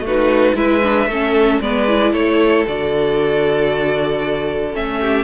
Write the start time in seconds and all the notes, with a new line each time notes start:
0.00 A3 F#4
0.07 D#4 B4
0.54 G#3 E4 B4 E5
0.83 D4
1.06 A3 C#4 A4
1.60 G#3 B3 B4 D5
1.88 E4
2.12 A3 A4 C#5
2.67 D3 F#4 D5
4.72 A3 C#4 E5
5.01 G4